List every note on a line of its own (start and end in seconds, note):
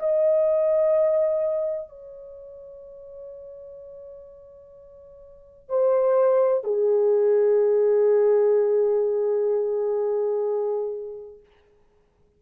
0.00 1.90 D#5
1.90 5.70 C#5
5.70 6.64 C5
6.64 11.40 G#4